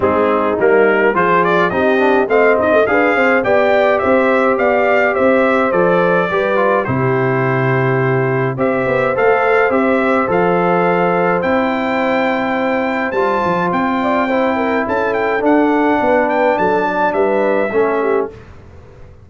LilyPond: <<
  \new Staff \with { instrumentName = "trumpet" } { \time 4/4 \tempo 4 = 105 gis'4 ais'4 c''8 d''8 dis''4 | f''8 dis''8 f''4 g''4 e''4 | f''4 e''4 d''2 | c''2. e''4 |
f''4 e''4 f''2 | g''2. a''4 | g''2 a''8 g''8 fis''4~ | fis''8 g''8 a''4 e''2 | }
  \new Staff \with { instrumentName = "horn" } { \time 4/4 dis'2 gis'4 g'4 | dis''4 b'8 c''8 d''4 c''4 | d''4 c''2 b'4 | g'2. c''4~ |
c''1~ | c''1~ | c''8 d''8 c''8 ais'8 a'2 | b'4 a'8 d''8 b'4 a'8 g'8 | }
  \new Staff \with { instrumentName = "trombone" } { \time 4/4 c'4 ais4 f'4 dis'8 d'8 | c'4 gis'4 g'2~ | g'2 a'4 g'8 f'8 | e'2. g'4 |
a'4 g'4 a'2 | e'2. f'4~ | f'4 e'2 d'4~ | d'2. cis'4 | }
  \new Staff \with { instrumentName = "tuba" } { \time 4/4 gis4 g4 f4 c'4 | a8 dis'16 a16 d'8 c'8 b4 c'4 | b4 c'4 f4 g4 | c2. c'8 b8 |
a4 c'4 f2 | c'2. g8 f8 | c'2 cis'4 d'4 | b4 fis4 g4 a4 | }
>>